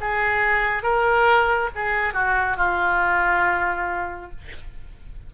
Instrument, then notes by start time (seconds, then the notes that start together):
oboe
0.00 G#4
0.83 A#4
1.75 G#4
2.13 F#4
2.57 F4